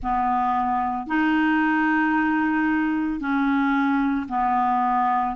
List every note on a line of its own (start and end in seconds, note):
0.02 1.06 B3
1.06 3.19 D#4
3.19 4.27 C#4
4.29 5.35 B3